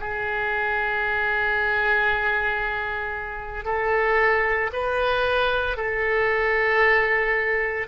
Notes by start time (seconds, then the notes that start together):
0.00 G#4
3.65 A4
4.73 B4
5.77 A4